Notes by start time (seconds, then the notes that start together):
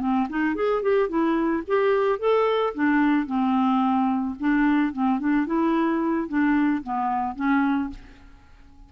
0.00 C4
0.29 D#4
0.55 G#4
0.82 G4
1.08 E4
1.67 G4
2.19 A4
2.74 D4
3.26 C4
4.39 D4
4.92 C4
5.19 D4
5.46 E4
6.28 D4
6.83 B3
7.35 C#4